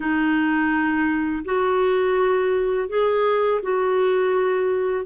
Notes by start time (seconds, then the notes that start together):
0.00 D#4
1.45 F#4
2.88 G#4
3.62 F#4